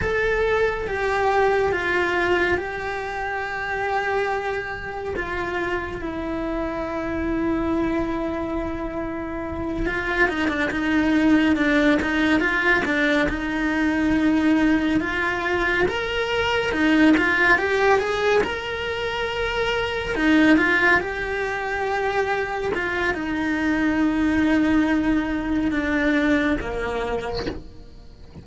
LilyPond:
\new Staff \with { instrumentName = "cello" } { \time 4/4 \tempo 4 = 70 a'4 g'4 f'4 g'4~ | g'2 f'4 e'4~ | e'2.~ e'8 f'8 | dis'16 d'16 dis'4 d'8 dis'8 f'8 d'8 dis'8~ |
dis'4. f'4 ais'4 dis'8 | f'8 g'8 gis'8 ais'2 dis'8 | f'8 g'2 f'8 dis'4~ | dis'2 d'4 ais4 | }